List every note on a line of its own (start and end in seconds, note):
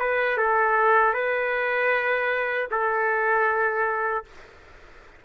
0.00 0.37 B4
0.37 1.14 A4
1.14 2.68 B4
2.71 4.25 A4